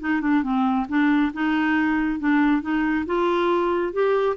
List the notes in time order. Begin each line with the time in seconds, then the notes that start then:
0.00 D#4
0.21 D4
0.43 C4
0.88 D4
1.33 D#4
2.19 D4
2.61 D#4
3.06 F4
3.92 G4